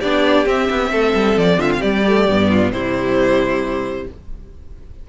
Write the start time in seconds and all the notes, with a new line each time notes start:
0.00 B3 D4 G4 D5
0.46 C4 E5
0.70 B3
0.91 A3 A4
1.14 G3
1.37 F3 D5
1.57 D3 F4 E5
1.73 F5
1.80 G3 G4 D5
2.07 A3
2.29 G2 B3
2.49 F4
2.71 C3 G3 E4 C5